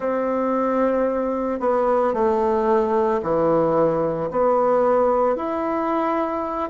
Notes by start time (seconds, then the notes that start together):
0.00 C4
1.60 B3
2.13 A3
3.22 E3
4.31 B3
5.36 E4